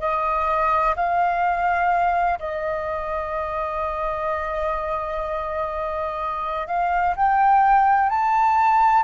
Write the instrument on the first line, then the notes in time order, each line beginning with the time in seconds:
flute
0.00 D#5
0.97 F5
2.40 D#5
6.68 F5
7.16 G5
8.10 A5